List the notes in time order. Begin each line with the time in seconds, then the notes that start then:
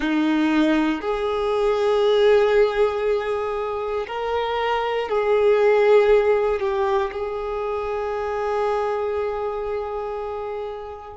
0.00 D#4
1.01 G#4
4.07 A#4
5.08 G#4
6.60 G4
7.11 G#4